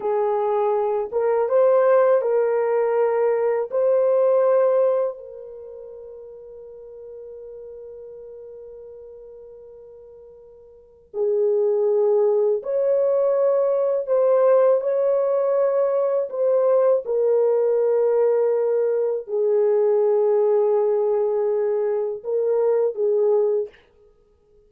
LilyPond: \new Staff \with { instrumentName = "horn" } { \time 4/4 \tempo 4 = 81 gis'4. ais'8 c''4 ais'4~ | ais'4 c''2 ais'4~ | ais'1~ | ais'2. gis'4~ |
gis'4 cis''2 c''4 | cis''2 c''4 ais'4~ | ais'2 gis'2~ | gis'2 ais'4 gis'4 | }